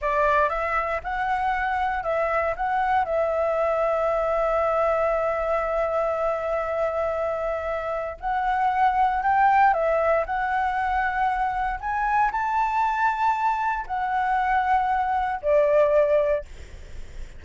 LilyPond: \new Staff \with { instrumentName = "flute" } { \time 4/4 \tempo 4 = 117 d''4 e''4 fis''2 | e''4 fis''4 e''2~ | e''1~ | e''1 |
fis''2 g''4 e''4 | fis''2. gis''4 | a''2. fis''4~ | fis''2 d''2 | }